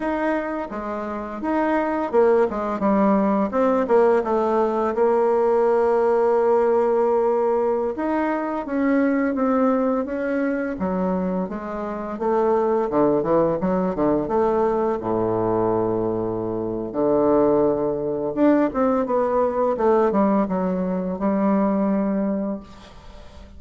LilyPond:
\new Staff \with { instrumentName = "bassoon" } { \time 4/4 \tempo 4 = 85 dis'4 gis4 dis'4 ais8 gis8 | g4 c'8 ais8 a4 ais4~ | ais2.~ ais16 dis'8.~ | dis'16 cis'4 c'4 cis'4 fis8.~ |
fis16 gis4 a4 d8 e8 fis8 d16~ | d16 a4 a,2~ a,8. | d2 d'8 c'8 b4 | a8 g8 fis4 g2 | }